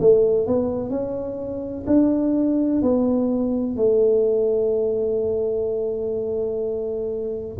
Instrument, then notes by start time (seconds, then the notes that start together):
tuba
0.00 A3
0.47 B3
0.90 C#4
1.87 D4
2.82 B3
3.76 A3